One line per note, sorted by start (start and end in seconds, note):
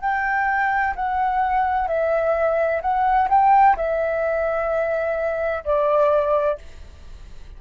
0.00 0.94 G5
0.95 1.87 F#5
1.87 2.81 E5
2.81 3.28 F#5
3.29 3.75 G5
3.76 5.64 E5
5.64 6.58 D5